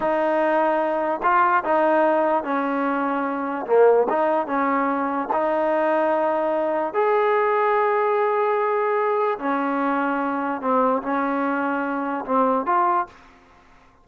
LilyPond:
\new Staff \with { instrumentName = "trombone" } { \time 4/4 \tempo 4 = 147 dis'2. f'4 | dis'2 cis'2~ | cis'4 ais4 dis'4 cis'4~ | cis'4 dis'2.~ |
dis'4 gis'2.~ | gis'2. cis'4~ | cis'2 c'4 cis'4~ | cis'2 c'4 f'4 | }